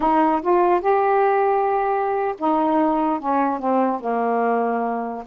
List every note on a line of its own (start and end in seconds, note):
0.00 0.41 D#4
0.42 0.81 F4
0.81 2.35 G4
2.38 3.19 D#4
3.19 3.59 C#4
3.59 4.00 C4
4.00 5.23 A#3